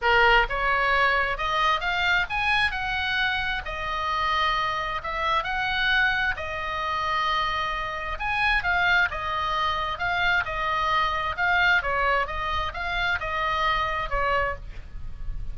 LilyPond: \new Staff \with { instrumentName = "oboe" } { \time 4/4 \tempo 4 = 132 ais'4 cis''2 dis''4 | f''4 gis''4 fis''2 | dis''2. e''4 | fis''2 dis''2~ |
dis''2 gis''4 f''4 | dis''2 f''4 dis''4~ | dis''4 f''4 cis''4 dis''4 | f''4 dis''2 cis''4 | }